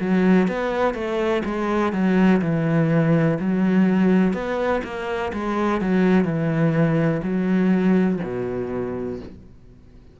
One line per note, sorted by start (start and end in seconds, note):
0.00 0.48 F#3
0.48 0.94 B3
0.94 1.43 A3
1.45 1.92 G#3
1.92 2.41 F#3
2.41 3.38 E3
3.39 4.33 F#3
4.33 4.82 B3
4.84 5.32 A#3
5.33 5.81 G#3
5.81 6.24 F#3
6.24 7.21 E3
7.23 8.20 F#3
8.23 9.20 B2